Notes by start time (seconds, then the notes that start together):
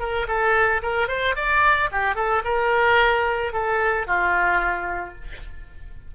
0.00 A#4
0.28 A4
0.83 A#4
1.08 C5
1.36 D5
1.92 G4
2.16 A4
2.45 A#4
3.53 A4
4.07 F4